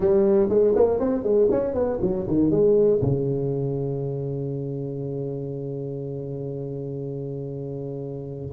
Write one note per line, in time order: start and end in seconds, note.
0.00 0.49 G3
0.49 0.74 G#3
0.75 0.99 A#3
0.99 1.23 C4
1.23 1.48 G#3
1.50 1.74 C#4
1.74 1.99 B3
2.01 2.26 F#3
2.27 2.50 D#3
2.50 3.00 G#3
3.01 8.51 C#3